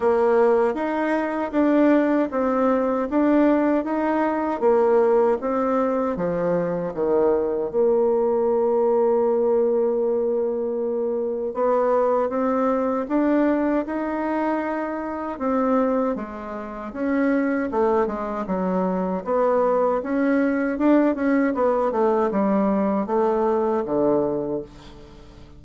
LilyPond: \new Staff \with { instrumentName = "bassoon" } { \time 4/4 \tempo 4 = 78 ais4 dis'4 d'4 c'4 | d'4 dis'4 ais4 c'4 | f4 dis4 ais2~ | ais2. b4 |
c'4 d'4 dis'2 | c'4 gis4 cis'4 a8 gis8 | fis4 b4 cis'4 d'8 cis'8 | b8 a8 g4 a4 d4 | }